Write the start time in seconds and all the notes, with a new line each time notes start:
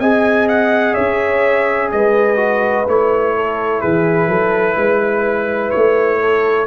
0.00 C4 G#4 D#5 G#5
0.49 F#5
0.94 C#4 C#5 E5
1.92 G#3 B4 D#5
2.37 F#4
2.87 A3 E4 C#5
3.37 A4
3.81 E3 G#4 B4
4.28 F#3 A4
4.77 G#3 B4
5.71 A3 C#5
6.20 A4